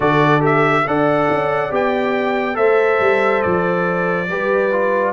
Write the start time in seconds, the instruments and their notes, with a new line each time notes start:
0.00 tuba D3, trombone F#4, horn A4, trumpet D5
0.40 trombone G4, trumpet E5
0.86 tuba D4, trombone A4, horn D5, trumpet F#5
1.30 tuba C#4
1.69 tuba B3, trombone G4, trumpet G5
2.54 tuba A3, trombone A4, horn C5, trumpet E5
2.99 tuba G3
3.41 tuba F3, trumpet D5
4.28 tuba G3, trombone G4, horn B4
4.72 trombone F4